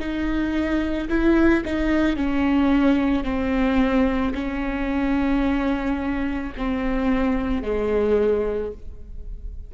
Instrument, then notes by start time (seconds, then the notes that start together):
viola
0.00 D#4
1.10 E4
1.65 D#4
2.17 C#4
3.24 C4
4.35 C#4
6.58 C4
7.63 G#3